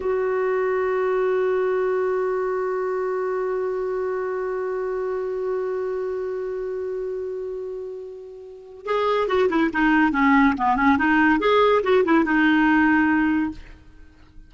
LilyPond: \new Staff \with { instrumentName = "clarinet" } { \time 4/4 \tempo 4 = 142 fis'1~ | fis'1~ | fis'1~ | fis'1~ |
fis'1~ | fis'4 gis'4 fis'8 e'8 dis'4 | cis'4 b8 cis'8 dis'4 gis'4 | fis'8 e'8 dis'2. | }